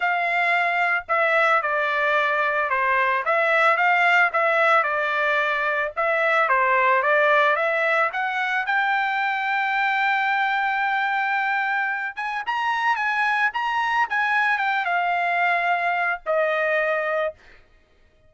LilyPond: \new Staff \with { instrumentName = "trumpet" } { \time 4/4 \tempo 4 = 111 f''2 e''4 d''4~ | d''4 c''4 e''4 f''4 | e''4 d''2 e''4 | c''4 d''4 e''4 fis''4 |
g''1~ | g''2~ g''8 gis''8 ais''4 | gis''4 ais''4 gis''4 g''8 f''8~ | f''2 dis''2 | }